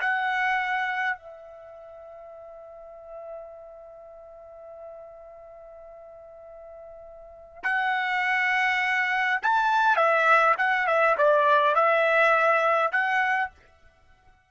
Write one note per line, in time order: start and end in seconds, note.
0.00 1.17 F#5
1.17 7.63 E5
7.63 9.40 F#5
9.42 9.96 A5
9.96 10.55 E5
10.57 10.86 F#5
10.86 11.16 E5
11.17 11.75 D5
11.75 12.91 E5
12.91 13.50 F#5